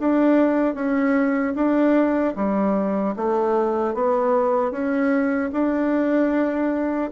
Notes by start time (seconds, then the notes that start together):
0.00 D4
0.75 C#4
1.56 D4
2.36 G3
3.17 A3
3.95 B3
4.72 C#4
5.53 D4